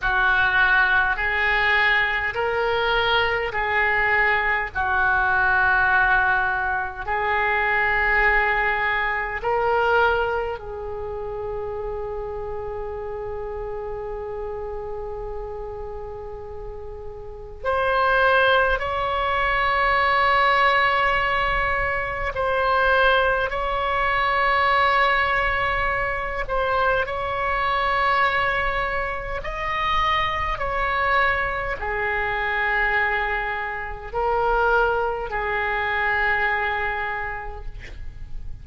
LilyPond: \new Staff \with { instrumentName = "oboe" } { \time 4/4 \tempo 4 = 51 fis'4 gis'4 ais'4 gis'4 | fis'2 gis'2 | ais'4 gis'2.~ | gis'2. c''4 |
cis''2. c''4 | cis''2~ cis''8 c''8 cis''4~ | cis''4 dis''4 cis''4 gis'4~ | gis'4 ais'4 gis'2 | }